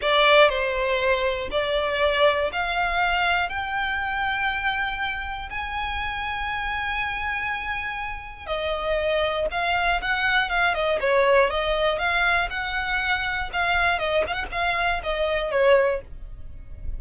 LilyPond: \new Staff \with { instrumentName = "violin" } { \time 4/4 \tempo 4 = 120 d''4 c''2 d''4~ | d''4 f''2 g''4~ | g''2. gis''4~ | gis''1~ |
gis''4 dis''2 f''4 | fis''4 f''8 dis''8 cis''4 dis''4 | f''4 fis''2 f''4 | dis''8 f''16 fis''16 f''4 dis''4 cis''4 | }